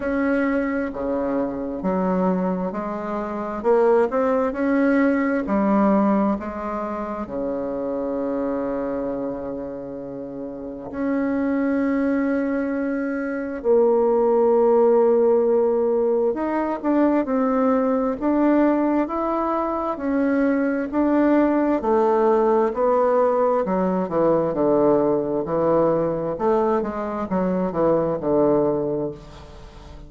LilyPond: \new Staff \with { instrumentName = "bassoon" } { \time 4/4 \tempo 4 = 66 cis'4 cis4 fis4 gis4 | ais8 c'8 cis'4 g4 gis4 | cis1 | cis'2. ais4~ |
ais2 dis'8 d'8 c'4 | d'4 e'4 cis'4 d'4 | a4 b4 fis8 e8 d4 | e4 a8 gis8 fis8 e8 d4 | }